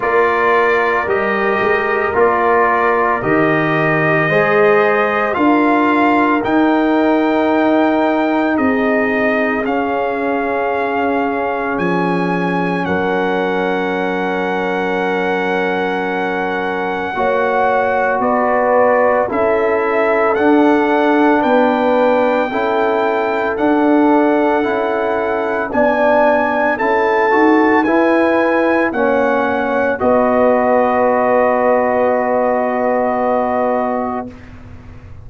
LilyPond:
<<
  \new Staff \with { instrumentName = "trumpet" } { \time 4/4 \tempo 4 = 56 d''4 dis''4 d''4 dis''4~ | dis''4 f''4 g''2 | dis''4 f''2 gis''4 | fis''1~ |
fis''4 d''4 e''4 fis''4 | g''2 fis''2 | gis''4 a''4 gis''4 fis''4 | dis''1 | }
  \new Staff \with { instrumentName = "horn" } { \time 4/4 ais'1 | c''4 ais'2. | gis'1 | ais'1 |
cis''4 b'4 a'2 | b'4 a'2. | d''4 a'4 b'4 cis''4 | b'1 | }
  \new Staff \with { instrumentName = "trombone" } { \time 4/4 f'4 g'4 f'4 g'4 | gis'4 f'4 dis'2~ | dis'4 cis'2.~ | cis'1 |
fis'2 e'4 d'4~ | d'4 e'4 d'4 e'4 | d'4 e'8 fis'8 e'4 cis'4 | fis'1 | }
  \new Staff \with { instrumentName = "tuba" } { \time 4/4 ais4 g8 gis8 ais4 dis4 | gis4 d'4 dis'2 | c'4 cis'2 f4 | fis1 |
ais4 b4 cis'4 d'4 | b4 cis'4 d'4 cis'4 | b4 cis'8 dis'8 e'4 ais4 | b1 | }
>>